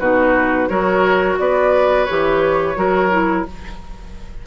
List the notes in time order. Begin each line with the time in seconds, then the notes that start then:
0.00 B2 D#4 F#4 B4
0.69 F#3 F#4 A#4 C#5
1.39 B3 B4 D5
2.05 E3 G4 C#5
2.76 F#3 F#4 A#4
3.11 E4